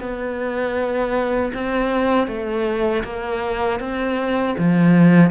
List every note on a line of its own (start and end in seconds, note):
0.00 1.52 B3
1.54 2.28 C4
2.28 3.03 A3
3.04 3.80 A#3
3.80 4.56 C4
4.58 5.31 F3